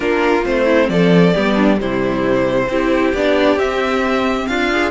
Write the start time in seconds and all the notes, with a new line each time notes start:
0.00 A#3 D4 F4 A#4
0.43 A3 C4 C5
0.64 E4
0.89 F3 A4 D5
1.34 G3 B3 G4
1.54 D4
1.77 C3 G3 E4 C5
2.68 C4 E4 G4
3.14 B3 D4 D5
3.55 C4 E5
4.47 D4 F4 F5
4.71 G#4